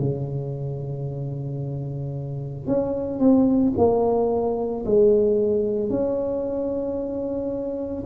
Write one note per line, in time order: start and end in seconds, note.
0.00 2.67 C#3
2.67 3.19 C#4
3.19 3.74 C4
3.78 4.85 A#3
4.86 5.90 G#3
5.90 8.05 C#4